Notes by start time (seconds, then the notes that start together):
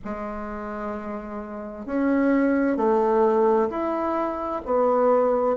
0.04 G#3
1.85 C#4
2.77 A3
3.69 E4
4.65 B3